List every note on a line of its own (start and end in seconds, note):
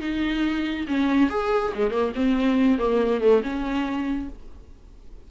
0.00 0.86 D#4
0.87 1.29 C#4
1.29 1.72 G#4
1.74 1.91 G#3
1.91 2.12 A#3
2.15 2.78 C4
2.78 3.20 A#3
3.20 3.42 A3
3.43 4.29 C#4